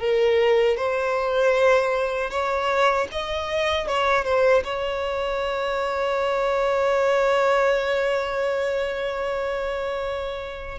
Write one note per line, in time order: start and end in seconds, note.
0.00 0.77 A#4
0.77 2.31 C5
2.31 3.08 C#5
3.12 3.87 D#5
3.87 4.25 C#5
4.25 4.63 C5
4.64 10.79 C#5